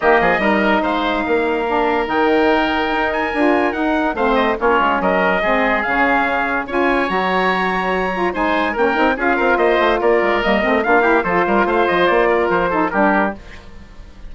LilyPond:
<<
  \new Staff \with { instrumentName = "trumpet" } { \time 4/4 \tempo 4 = 144 dis''2 f''2~ | f''4 g''2~ g''8 gis''8~ | gis''4 fis''4 f''8 dis''8 cis''4 | dis''2 f''2 |
gis''4 ais''2. | gis''4 g''4 f''4 dis''4 | d''4 dis''4 f''4 c''4 | f''8 dis''8 d''4 c''4 ais'4 | }
  \new Staff \with { instrumentName = "oboe" } { \time 4/4 g'8 gis'8 ais'4 c''4 ais'4~ | ais'1~ | ais'2 c''4 f'4 | ais'4 gis'2. |
cis''1 | c''4 ais'4 gis'8 ais'8 c''4 | ais'2 f'8 g'8 a'8 ais'8 | c''4. ais'4 a'8 g'4 | }
  \new Staff \with { instrumentName = "saxophone" } { \time 4/4 ais4 dis'2. | d'4 dis'2. | f'4 dis'4 c'4 cis'4~ | cis'4 c'4 cis'2 |
f'4 fis'2~ fis'8 f'8 | dis'4 cis'8 dis'8 f'2~ | f'4 ais8 c'8 d'8 e'8 f'4~ | f'2~ f'8 dis'8 d'4 | }
  \new Staff \with { instrumentName = "bassoon" } { \time 4/4 dis8 f8 g4 gis4 ais4~ | ais4 dis2 dis'4 | d'4 dis'4 a4 ais8 gis8 | fis4 gis4 cis2 |
cis'4 fis2. | gis4 ais8 c'8 cis'8 c'8 ais8 a8 | ais8 gis8 g8 a8 ais4 f8 g8 | a8 f8 ais4 f4 g4 | }
>>